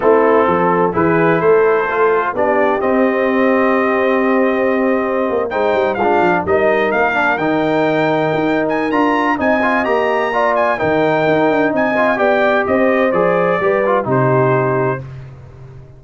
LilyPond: <<
  \new Staff \with { instrumentName = "trumpet" } { \time 4/4 \tempo 4 = 128 a'2 b'4 c''4~ | c''4 d''4 dis''2~ | dis''2.~ dis''8. g''16~ | g''8. f''4 dis''4 f''4 g''16~ |
g''2~ g''8 gis''8 ais''4 | gis''4 ais''4. gis''8 g''4~ | g''4 gis''4 g''4 dis''4 | d''2 c''2 | }
  \new Staff \with { instrumentName = "horn" } { \time 4/4 e'4 a'4 gis'4 a'4~ | a'4 g'2.~ | g'2.~ g'8. c''16~ | c''8. f'4 ais'2~ ais'16~ |
ais'1 | dis''2 d''4 ais'4~ | ais'4 dis''4 d''4 c''4~ | c''4 b'4 g'2 | }
  \new Staff \with { instrumentName = "trombone" } { \time 4/4 c'2 e'2 | f'4 d'4 c'2~ | c'2.~ c'8. dis'16~ | dis'8. d'4 dis'4. d'8 dis'16~ |
dis'2. f'4 | dis'8 f'8 g'4 f'4 dis'4~ | dis'4. f'8 g'2 | gis'4 g'8 f'8 dis'2 | }
  \new Staff \with { instrumentName = "tuba" } { \time 4/4 a4 f4 e4 a4~ | a4 b4 c'2~ | c'2.~ c'16 ais8 gis16~ | gis16 g8 gis8 f8 g4 ais4 dis16~ |
dis4.~ dis16 dis'4~ dis'16 d'4 | c'4 ais2 dis4 | dis'8 d'8 c'4 b4 c'4 | f4 g4 c2 | }
>>